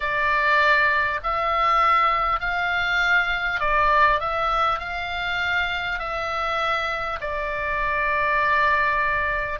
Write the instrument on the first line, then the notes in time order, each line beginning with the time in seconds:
oboe
0.00 D5
1.23 E5
2.40 F5
3.60 D5
4.19 E5
4.79 F5
5.99 E5
7.21 D5